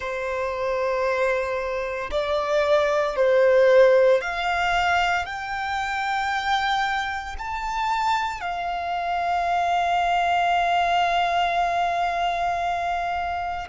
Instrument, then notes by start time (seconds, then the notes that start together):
violin
0.00 C5
2.11 D5
3.16 C5
4.21 F5
5.25 G5
7.38 A5
8.40 F5